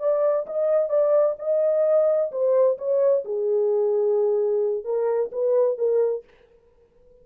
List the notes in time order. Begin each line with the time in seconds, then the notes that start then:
0.00 D5
0.47 D#5
0.90 D5
1.39 D#5
2.32 C5
2.78 C#5
3.25 G#4
4.85 A#4
5.32 B4
5.78 A#4